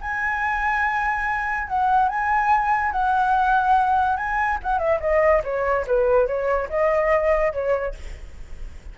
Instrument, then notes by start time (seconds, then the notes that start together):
flute
0.00 G#5
1.67 F#5
2.08 G#5
2.91 F#5
4.16 G#5
4.62 F#5
4.78 E5
5.00 D#5
5.43 C#5
5.86 B4
6.27 C#5
6.69 D#5
7.52 C#5